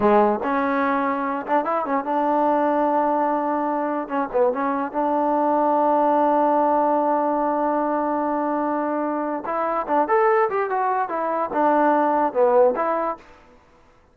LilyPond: \new Staff \with { instrumentName = "trombone" } { \time 4/4 \tempo 4 = 146 gis4 cis'2~ cis'8 d'8 | e'8 cis'8 d'2.~ | d'2 cis'8 b8 cis'4 | d'1~ |
d'1~ | d'2. e'4 | d'8 a'4 g'8 fis'4 e'4 | d'2 b4 e'4 | }